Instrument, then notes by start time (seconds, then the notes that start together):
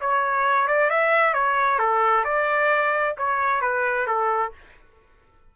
trumpet
0.00 C#5
0.67 D5
0.90 E5
1.33 C#5
1.79 A4
2.24 D5
3.17 C#5
3.61 B4
4.06 A4